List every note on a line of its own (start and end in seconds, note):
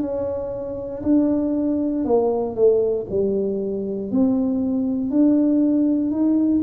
0.00 1.02 C#4
1.03 2.04 D4
2.04 2.55 A#3
2.55 3.06 A3
3.10 4.11 G3
4.11 5.10 C4
5.10 6.11 D4
6.11 6.61 D#4